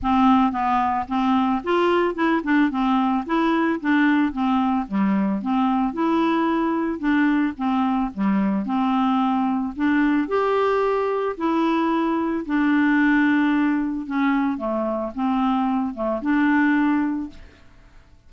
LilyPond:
\new Staff \with { instrumentName = "clarinet" } { \time 4/4 \tempo 4 = 111 c'4 b4 c'4 f'4 | e'8 d'8 c'4 e'4 d'4 | c'4 g4 c'4 e'4~ | e'4 d'4 c'4 g4 |
c'2 d'4 g'4~ | g'4 e'2 d'4~ | d'2 cis'4 a4 | c'4. a8 d'2 | }